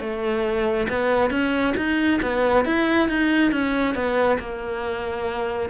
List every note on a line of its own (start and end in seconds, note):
0.00 0.87 A3
0.89 1.30 B3
1.30 1.74 C#4
1.77 2.20 D#4
2.22 2.65 B3
2.65 3.08 E4
3.09 3.51 D#4
3.51 3.94 C#4
3.94 4.38 B3
4.39 5.69 A#3